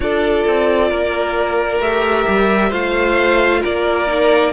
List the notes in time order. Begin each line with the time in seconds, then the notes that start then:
0.00 D4 F4 A4 D5
0.47 C4
0.90 A#3 A#4
1.79 A3 G4 E5
2.27 G3
2.69 A3 F4 C5 F5
3.61 A#3 A#4 D5
4.07 D#4